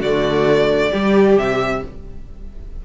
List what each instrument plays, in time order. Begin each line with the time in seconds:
0.00 cello D3, viola A3, violin F#4 D5
0.90 cello G3, viola G3, violin G4
1.37 cello C3, violin E5